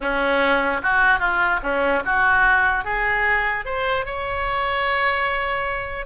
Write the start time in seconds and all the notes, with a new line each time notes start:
0.00 C#4
0.82 F#4
1.19 F4
1.62 C#4
2.05 F#4
2.84 G#4
3.65 C5
4.05 C#5